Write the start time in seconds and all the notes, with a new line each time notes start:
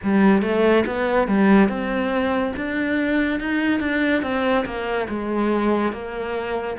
0.03 G3
0.41 A3
0.86 B3
1.27 G3
1.69 C4
2.56 D4
3.40 D#4
3.80 D4
4.22 C4
4.65 A#3
5.08 G#3
5.92 A#3